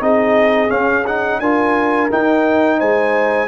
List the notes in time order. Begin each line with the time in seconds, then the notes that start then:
0.00 C4 D#4 G#4 D#5
0.69 C#4 F5
1.07 D#4 F#5
1.40 D4 F4 A#4 G#5
2.10 D#4 G5
2.78 G#3 C5 G#5